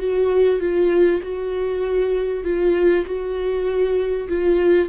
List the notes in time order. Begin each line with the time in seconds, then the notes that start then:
0.00 F#4
0.60 F4
1.23 F#4
2.45 F4
3.06 F#4
4.29 F4